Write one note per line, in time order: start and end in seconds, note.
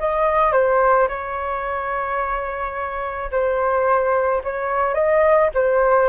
0.00 0.53 D#5
0.53 1.08 C5
1.09 3.31 C#5
3.31 4.42 C5
4.44 4.94 C#5
4.94 5.50 D#5
5.55 6.10 C5